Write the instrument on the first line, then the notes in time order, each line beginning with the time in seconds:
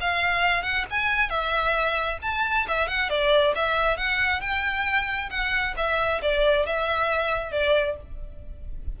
violin
0.00 F5
0.63 F#5
0.90 G#5
1.29 E5
2.22 A5
2.67 E5
2.87 F#5
3.09 D5
3.55 E5
3.97 F#5
4.40 G5
5.30 F#5
5.76 E5
6.21 D5
6.65 E5
7.51 D5